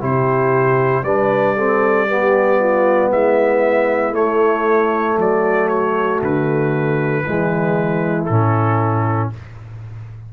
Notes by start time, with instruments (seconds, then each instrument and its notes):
0.00 tuba C3, trombone E4, horn G4, trumpet C5
1.03 tuba G3, trombone D4, horn B4, trumpet D5
1.56 trombone C4, horn A4
2.07 trombone B3, horn G4
2.59 horn F4
3.11 tuba G#3, horn E4, trumpet E5
4.12 tuba A3, trombone A3, trumpet C#5
5.17 tuba F#3, horn F#4, trumpet D5
5.68 trumpet C#5
6.22 tuba D3, trumpet B4
7.24 tuba E3, trombone G#3, horn E4
8.25 tuba A2, trombone C#4, trumpet A4